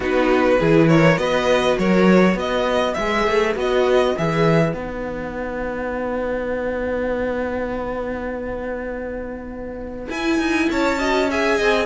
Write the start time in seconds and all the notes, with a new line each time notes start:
0.00 B3 D#4 F#4 B4
0.59 E3 E4 G#4
0.88 A#4 C#5
1.16 B3 F#4 B4 D#5
1.78 F#3 A#4 C#5
2.34 B3 B4 D#5
2.94 G#3 G#4 E5
3.27 A3
3.55 B3 F#4 D#5
4.17 E3 G#4 E5
4.73 B3 D#4 F#5
10.08 E4 G#5
10.38 D#4
10.70 C#4 C#5 A5
10.98 F#4 D#5
11.30 G#4 E5 G#5
11.57 C4 D#5